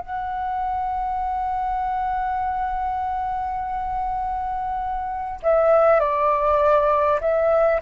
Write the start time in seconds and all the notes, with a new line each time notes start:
0.00 F#5
5.42 E5
5.99 D5
7.21 E5